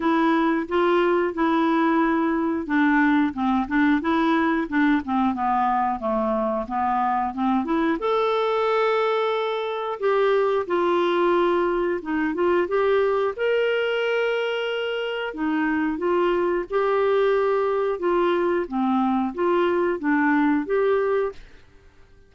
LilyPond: \new Staff \with { instrumentName = "clarinet" } { \time 4/4 \tempo 4 = 90 e'4 f'4 e'2 | d'4 c'8 d'8 e'4 d'8 c'8 | b4 a4 b4 c'8 e'8 | a'2. g'4 |
f'2 dis'8 f'8 g'4 | ais'2. dis'4 | f'4 g'2 f'4 | c'4 f'4 d'4 g'4 | }